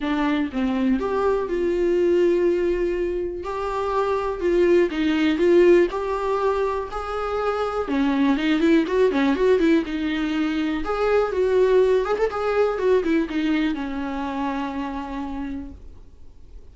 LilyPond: \new Staff \with { instrumentName = "viola" } { \time 4/4 \tempo 4 = 122 d'4 c'4 g'4 f'4~ | f'2. g'4~ | g'4 f'4 dis'4 f'4 | g'2 gis'2 |
cis'4 dis'8 e'8 fis'8 cis'8 fis'8 e'8 | dis'2 gis'4 fis'4~ | fis'8 gis'16 a'16 gis'4 fis'8 e'8 dis'4 | cis'1 | }